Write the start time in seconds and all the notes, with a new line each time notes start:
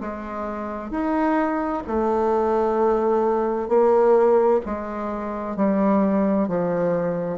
0.00 G#3
0.91 D#4
1.87 A3
3.68 A#3
4.65 G#3
5.56 G3
6.47 F3